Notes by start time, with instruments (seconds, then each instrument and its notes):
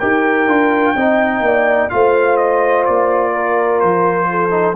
0.00 tuba D#4, trombone G4, horn A#4, trumpet G5
0.47 tuba D4, trombone F4
0.96 tuba C4, trombone D#4, horn D#5
1.41 tuba A#3, horn D5
1.90 tuba A3, trombone F4, horn C5, trumpet F5
2.37 trumpet D#5
2.86 tuba A#3, trumpet D5
3.33 horn A#4
3.80 tuba F3, trumpet C5
4.31 horn A4
4.51 trombone D#4